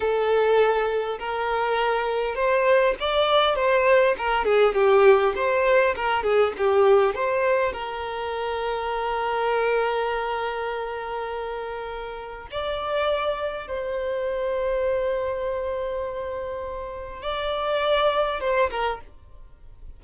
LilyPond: \new Staff \with { instrumentName = "violin" } { \time 4/4 \tempo 4 = 101 a'2 ais'2 | c''4 d''4 c''4 ais'8 gis'8 | g'4 c''4 ais'8 gis'8 g'4 | c''4 ais'2.~ |
ais'1~ | ais'4 d''2 c''4~ | c''1~ | c''4 d''2 c''8 ais'8 | }